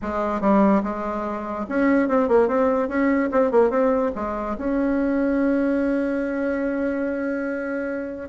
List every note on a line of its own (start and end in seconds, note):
0.02 0.40 G#3
0.40 0.82 G3
0.83 1.66 G#3
1.68 2.08 C#4
2.08 2.28 C4
2.28 2.48 A#3
2.48 2.88 C4
2.88 3.29 C#4
3.31 3.51 C4
3.51 3.70 A#3
3.70 4.11 C4
4.15 4.56 G#3
4.58 8.29 C#4